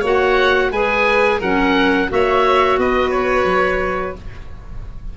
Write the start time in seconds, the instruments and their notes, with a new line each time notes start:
0.00 tuba A#3, clarinet F#4, violin C#5, oboe F#5
0.71 tuba G#3, clarinet G#4, violin B4, oboe G#5
1.39 tuba F#3, clarinet C#4, violin A#4, oboe F#5
2.09 tuba A#3, clarinet F#4, violin C#5, oboe E5
2.78 tuba B3, violin B4, oboe D#5
3.10 oboe C#5
3.44 tuba F#3